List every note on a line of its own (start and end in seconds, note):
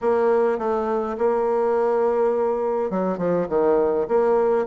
0.01 0.58 A#3
0.58 1.16 A3
1.18 2.90 A#3
2.90 3.18 F#3
3.18 3.47 F3
3.48 4.07 D#3
4.08 4.66 A#3